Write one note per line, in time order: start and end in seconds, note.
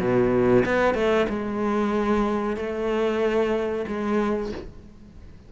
0.00 0.65 B2
0.65 0.95 B3
0.95 1.27 A3
1.29 2.57 G#3
2.57 3.86 A3
3.88 4.52 G#3